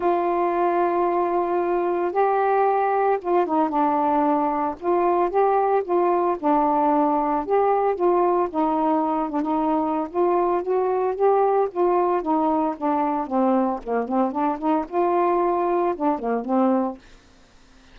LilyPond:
\new Staff \with { instrumentName = "saxophone" } { \time 4/4 \tempo 4 = 113 f'1 | g'2 f'8 dis'8 d'4~ | d'4 f'4 g'4 f'4 | d'2 g'4 f'4 |
dis'4. d'16 dis'4~ dis'16 f'4 | fis'4 g'4 f'4 dis'4 | d'4 c'4 ais8 c'8 d'8 dis'8 | f'2 d'8 ais8 c'4 | }